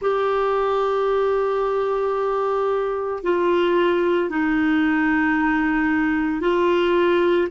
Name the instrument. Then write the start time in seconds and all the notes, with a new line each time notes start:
clarinet
0.01 G4
3.23 F4
4.29 D#4
6.40 F4